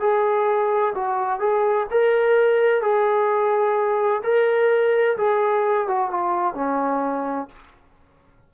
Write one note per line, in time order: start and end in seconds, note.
0.00 0.94 G#4
0.95 1.40 F#4
1.40 1.87 G#4
1.91 2.81 A#4
2.81 4.22 G#4
4.23 5.17 A#4
5.17 5.88 G#4
5.88 6.10 F#4
6.10 6.54 F4
6.54 7.48 C#4